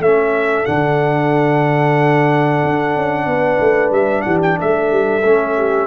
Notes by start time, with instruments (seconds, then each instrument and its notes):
0.00 tuba A3, trombone C#4, horn A4, trumpet E5
0.66 tuba D3, trombone D4, trumpet F#5
2.64 tuba D4
2.96 tuba C#4
3.26 tuba B3, horn B4
3.60 tuba A3
3.91 tuba G3, trumpet E5
4.22 tuba E3, horn G4, trumpet F#5
4.43 trumpet G5
4.59 tuba A3, horn A4, trumpet E5
4.92 tuba G3
5.24 tuba A3, trombone C#4
5.57 horn G4